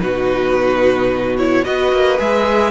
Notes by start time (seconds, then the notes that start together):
0.00 B2 D#4 F#4 B4
1.37 E4 C#5
1.64 B3 F#4 B4 D#5
1.92 A#3
2.18 G#3 G#4 E5